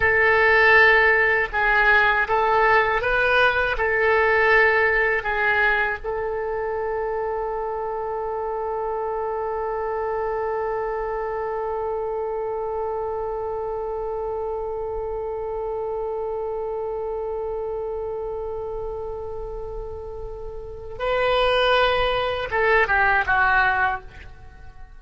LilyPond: \new Staff \with { instrumentName = "oboe" } { \time 4/4 \tempo 4 = 80 a'2 gis'4 a'4 | b'4 a'2 gis'4 | a'1~ | a'1~ |
a'1~ | a'1~ | a'1 | b'2 a'8 g'8 fis'4 | }